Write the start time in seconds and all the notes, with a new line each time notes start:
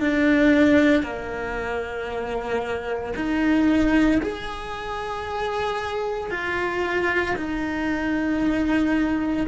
0.00 D4
1.03 A#3
3.16 D#4
4.22 G#4
6.31 F4
7.36 D#4